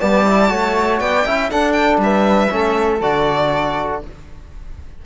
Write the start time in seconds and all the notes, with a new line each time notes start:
0.00 G3 B3 D5 A5
0.25 E4
0.49 A3 F#4 C#5
1.00 B3 D5 G5
1.26 C#4 E4 E5
1.51 D4 A4 F#5
1.72 G5
1.98 G3 B4 E5
2.49 A3 C#4 A4
3.01 D3 F#4 D5